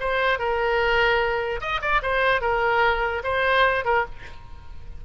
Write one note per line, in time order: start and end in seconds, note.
0.00 0.39 C5
0.39 1.61 A#4
1.61 1.81 D#5
1.82 2.02 D5
2.02 2.41 C5
2.41 3.22 A#4
3.24 3.85 C5
3.85 4.05 A#4